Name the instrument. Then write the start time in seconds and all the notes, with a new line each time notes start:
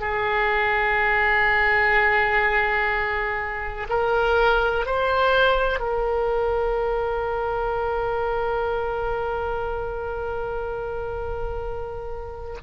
oboe
0.00 G#4
3.89 A#4
4.86 C5
5.79 A#4